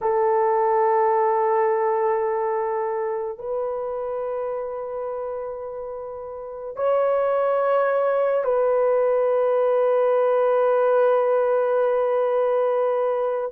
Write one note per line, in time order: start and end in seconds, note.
0.01 3.38 A4
3.38 6.76 B4
6.76 8.44 C#5
8.44 13.51 B4